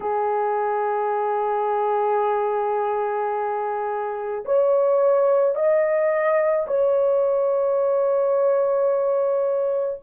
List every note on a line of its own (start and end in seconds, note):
0.00 4.44 G#4
4.44 5.55 C#5
5.55 6.66 D#5
6.67 10.00 C#5